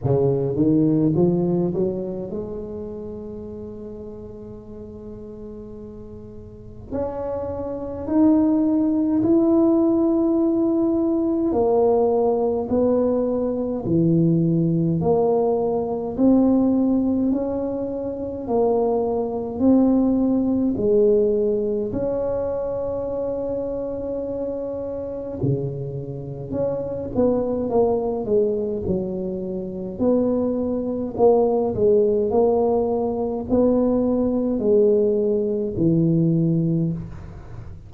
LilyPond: \new Staff \with { instrumentName = "tuba" } { \time 4/4 \tempo 4 = 52 cis8 dis8 f8 fis8 gis2~ | gis2 cis'4 dis'4 | e'2 ais4 b4 | e4 ais4 c'4 cis'4 |
ais4 c'4 gis4 cis'4~ | cis'2 cis4 cis'8 b8 | ais8 gis8 fis4 b4 ais8 gis8 | ais4 b4 gis4 e4 | }